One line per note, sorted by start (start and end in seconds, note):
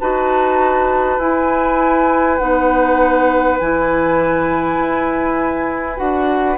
0.00 1.19 D#4
0.00 1.20 F#4
0.00 6.58 B4
0.00 1.20 A5
1.19 2.39 E4
1.19 2.40 E4
1.19 2.38 G#5
2.38 3.60 B3
2.38 3.60 D#4
2.38 3.58 F#5
3.59 4.79 E3
3.59 5.96 E4
3.59 5.98 G#5
4.79 5.99 E4
5.96 6.58 D4
5.96 6.56 F#4
5.96 6.58 F#5